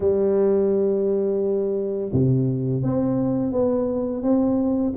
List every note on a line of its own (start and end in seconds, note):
0.00 2.11 G3
2.12 2.82 C3
2.82 3.52 C4
3.52 4.22 B3
4.22 4.93 C4